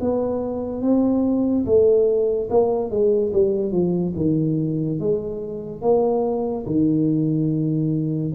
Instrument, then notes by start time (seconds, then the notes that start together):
tuba
0.00 B3
0.81 C4
1.66 A3
2.50 A#3
2.90 G#3
3.33 G3
3.72 F3
4.16 D#3
4.99 G#3
5.81 A#3
6.66 D#3